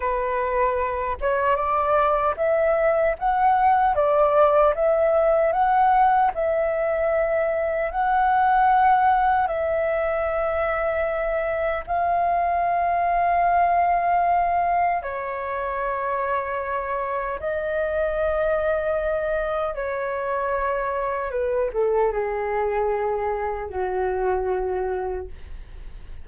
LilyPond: \new Staff \with { instrumentName = "flute" } { \time 4/4 \tempo 4 = 76 b'4. cis''8 d''4 e''4 | fis''4 d''4 e''4 fis''4 | e''2 fis''2 | e''2. f''4~ |
f''2. cis''4~ | cis''2 dis''2~ | dis''4 cis''2 b'8 a'8 | gis'2 fis'2 | }